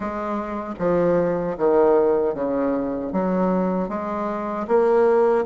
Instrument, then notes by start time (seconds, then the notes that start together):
bassoon
0.00 G#3
0.79 F3
1.57 D#3
2.34 C#3
3.12 F#3
3.88 G#3
4.67 A#3